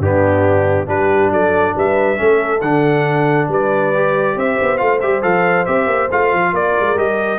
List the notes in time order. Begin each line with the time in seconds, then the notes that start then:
0.00 G2 B3 D4 G4
0.87 G3 D4 G4 B4
1.31 F#3 A4 D5
1.76 G3 B4 E5
2.17 A3 C#4 A4
2.62 D3 D4 F#5
3.49 G3 B4 D5
3.95 G4
4.36 C4 C5 E5
4.62 B3
4.78 A3 F4 F5
5.01 G3 G4 E5
5.22 F3 A4 F5
5.66 C4 G4 E5
5.87 A#3
6.12 A3 F4 F5
6.33 F3
6.53 A#3 A#4 D5
6.81 G#3
6.96 G3 G4 D#5